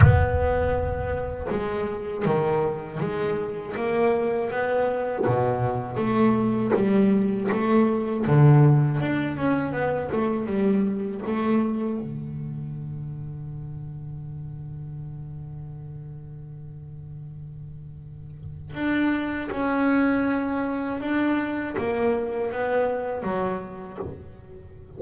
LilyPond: \new Staff \with { instrumentName = "double bass" } { \time 4/4 \tempo 4 = 80 b2 gis4 dis4 | gis4 ais4 b4 b,4 | a4 g4 a4 d4 | d'8 cis'8 b8 a8 g4 a4 |
d1~ | d1~ | d4 d'4 cis'2 | d'4 ais4 b4 fis4 | }